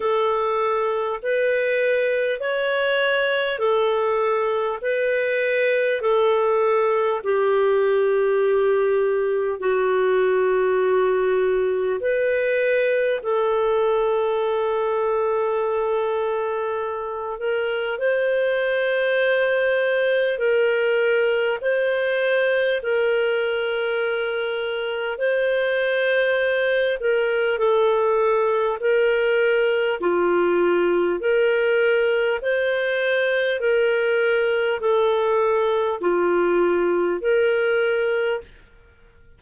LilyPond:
\new Staff \with { instrumentName = "clarinet" } { \time 4/4 \tempo 4 = 50 a'4 b'4 cis''4 a'4 | b'4 a'4 g'2 | fis'2 b'4 a'4~ | a'2~ a'8 ais'8 c''4~ |
c''4 ais'4 c''4 ais'4~ | ais'4 c''4. ais'8 a'4 | ais'4 f'4 ais'4 c''4 | ais'4 a'4 f'4 ais'4 | }